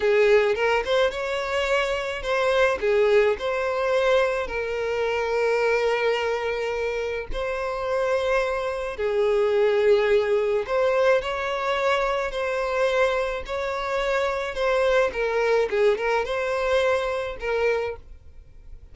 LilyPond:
\new Staff \with { instrumentName = "violin" } { \time 4/4 \tempo 4 = 107 gis'4 ais'8 c''8 cis''2 | c''4 gis'4 c''2 | ais'1~ | ais'4 c''2. |
gis'2. c''4 | cis''2 c''2 | cis''2 c''4 ais'4 | gis'8 ais'8 c''2 ais'4 | }